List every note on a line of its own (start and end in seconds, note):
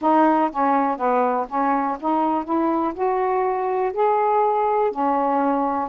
0.01 0.50 D#4
0.51 0.97 C#4
0.97 1.46 B3
1.48 1.97 C#4
2.00 2.44 D#4
2.44 2.93 E4
2.93 3.92 F#4
3.93 4.91 G#4
4.91 5.89 C#4